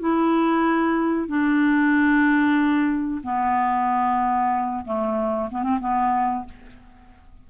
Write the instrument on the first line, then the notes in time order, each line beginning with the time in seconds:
clarinet
0.00 E4
1.28 D4
3.23 B3
4.85 A3
5.51 B3
5.63 C4
5.80 B3